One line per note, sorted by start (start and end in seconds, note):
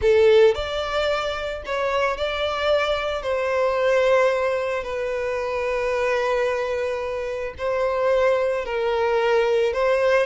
0.01 0.54 A4
0.54 1.62 D5
1.65 2.17 C#5
2.17 3.22 D5
3.22 4.83 C5
4.83 7.54 B4
7.58 8.65 C5
8.65 9.73 A#4
9.73 10.26 C5